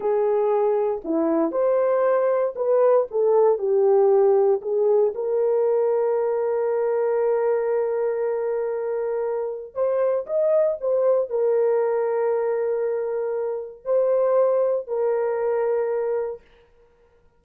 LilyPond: \new Staff \with { instrumentName = "horn" } { \time 4/4 \tempo 4 = 117 gis'2 e'4 c''4~ | c''4 b'4 a'4 g'4~ | g'4 gis'4 ais'2~ | ais'1~ |
ais'2. c''4 | dis''4 c''4 ais'2~ | ais'2. c''4~ | c''4 ais'2. | }